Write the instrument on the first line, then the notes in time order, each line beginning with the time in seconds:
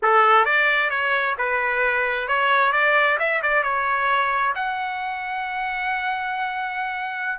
trumpet
0.02 A4
0.45 D5
0.90 C#5
1.38 B4
2.27 C#5
2.72 D5
3.19 E5
3.42 D5
3.63 C#5
4.55 F#5